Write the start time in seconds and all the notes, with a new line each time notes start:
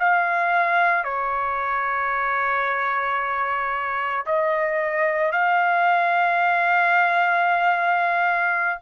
0.00 F5
1.05 C#5
4.27 D#5
5.32 F5